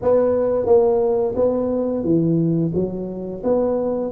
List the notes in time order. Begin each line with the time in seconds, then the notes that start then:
0.02 B3
0.66 A#3
1.35 B3
2.03 E3
2.74 F#3
3.43 B3